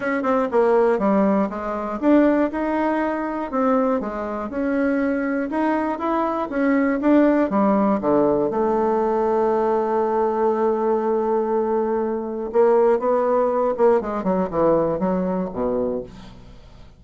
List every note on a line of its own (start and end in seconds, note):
0.00 0.22 C#4
0.22 0.47 C4
0.51 0.98 A#3
0.98 1.48 G3
1.49 1.99 G#3
2.00 2.50 D4
2.51 3.51 D#4
3.51 4.00 C4
4.00 4.49 G#3
4.49 5.49 C#4
5.50 5.98 D#4
5.98 6.48 E4
6.49 6.99 C#4
7.01 7.50 D4
7.50 8.00 G3
8.00 8.50 D3
8.50 12.50 A3
12.52 12.99 A#3
12.99 13.74 B3
13.77 14.00 A#3
14.00 14.23 G#3
14.23 14.48 F#3
14.50 14.99 E3
14.99 15.49 F#3
15.52 16.02 B2